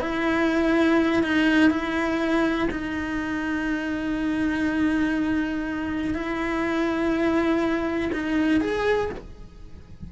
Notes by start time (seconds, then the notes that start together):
0.00 E4
1.23 D#4
1.70 E4
2.70 D#4
6.14 E4
8.13 D#4
8.60 G#4